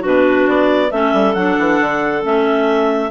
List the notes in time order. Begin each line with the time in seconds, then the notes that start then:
0.00 B2 D4 F#4 B4
0.48 B3 D5
0.91 A3 C#4 A4 E5
1.13 G3
1.34 F#3 D4 F#5
1.59 E3
1.80 D3
2.22 A3 C#4 E5